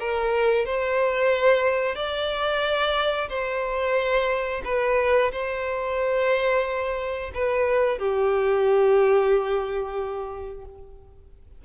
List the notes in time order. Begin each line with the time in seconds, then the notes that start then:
0.00 A#4
0.65 C5
1.95 D5
3.29 C5
4.65 B4
5.32 C5
7.35 B4
7.98 G4